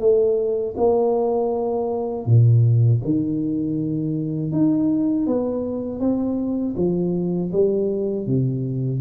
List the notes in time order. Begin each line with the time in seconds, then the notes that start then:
0.00 A3
0.77 A#3
2.26 A#2
3.05 D#3
4.52 D#4
5.27 B3
6.00 C4
6.77 F3
7.52 G3
8.27 C3